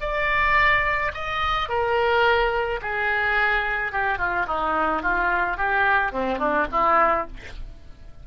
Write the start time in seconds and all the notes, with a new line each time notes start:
0.00 D5
1.14 D#5
1.68 A#4
2.81 G#4
3.92 G4
4.18 F4
4.46 D#4
5.02 F4
5.57 G4
6.11 C4
6.38 D4
6.71 E4